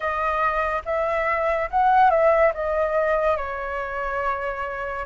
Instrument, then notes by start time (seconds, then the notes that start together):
flute
0.00 D#5
0.85 E5
1.70 F#5
2.10 E5
2.54 D#5
3.36 C#5